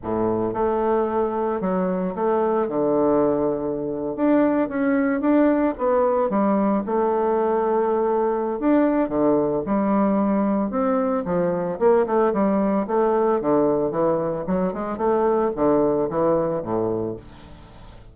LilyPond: \new Staff \with { instrumentName = "bassoon" } { \time 4/4 \tempo 4 = 112 a,4 a2 fis4 | a4 d2~ d8. d'16~ | d'8. cis'4 d'4 b4 g16~ | g8. a2.~ a16 |
d'4 d4 g2 | c'4 f4 ais8 a8 g4 | a4 d4 e4 fis8 gis8 | a4 d4 e4 a,4 | }